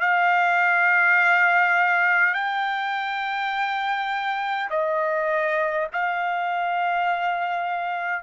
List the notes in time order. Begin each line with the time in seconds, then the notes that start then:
0.00 F5
2.34 G5
4.70 D#5
5.93 F5